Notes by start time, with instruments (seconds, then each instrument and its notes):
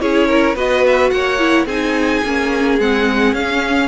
0.00 cello C#4, viola E4, violin G#4 C#5
0.28 violin A#4
0.55 cello B3, viola F#4, violin B4 D#5
0.86 violin E5
1.10 cello A#3, violin C#5 F#5
1.39 viola E4
1.66 cello C4, viola D#4, violin G#4 G#5
2.24 cello A#3, viola C#4
2.79 cello G#3, viola C4, violin F#5
3.33 cello C#4, viola C#4, violin F5